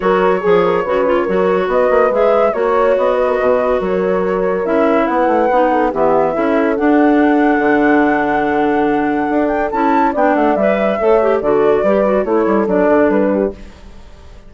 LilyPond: <<
  \new Staff \with { instrumentName = "flute" } { \time 4/4 \tempo 4 = 142 cis''1 | dis''4 e''4 cis''4 dis''4~ | dis''4 cis''2 e''4 | fis''2 e''2 |
fis''1~ | fis''2~ fis''8 g''8 a''4 | g''8 fis''8 e''2 d''4~ | d''4 cis''4 d''4 b'4 | }
  \new Staff \with { instrumentName = "horn" } { \time 4/4 ais'4 gis'8 ais'8 b'4 ais'4 | b'2 cis''4. b'16 ais'16 | b'4 ais'2. | b'4. a'8 g'4 a'4~ |
a'1~ | a'1 | d''2 cis''4 a'4 | b'4 a'2~ a'8 g'8 | }
  \new Staff \with { instrumentName = "clarinet" } { \time 4/4 fis'4 gis'4 fis'8 f'8 fis'4~ | fis'4 gis'4 fis'2~ | fis'2. e'4~ | e'4 dis'4 b4 e'4 |
d'1~ | d'2. e'4 | d'4 b'4 a'8 g'8 fis'4 | g'8 fis'8 e'4 d'2 | }
  \new Staff \with { instrumentName = "bassoon" } { \time 4/4 fis4 f4 cis4 fis4 | b8 ais8 gis4 ais4 b4 | b,4 fis2 cis'4 | b8 a8 b4 e4 cis'4 |
d'2 d2~ | d2 d'4 cis'4 | b8 a8 g4 a4 d4 | g4 a8 g8 fis8 d8 g4 | }
>>